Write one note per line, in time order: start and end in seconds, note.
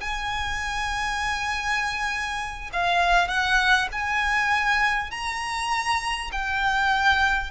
0.00 2.70 G#5
2.73 3.28 F5
3.28 3.88 F#5
3.92 5.11 G#5
5.11 6.31 A#5
6.32 7.50 G5